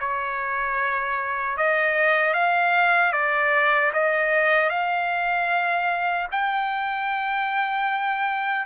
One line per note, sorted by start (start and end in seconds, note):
0.00 1.58 C#5
1.58 2.34 D#5
2.34 3.13 F5
3.13 3.92 D5
3.93 4.70 D#5
4.70 6.28 F5
6.32 8.66 G5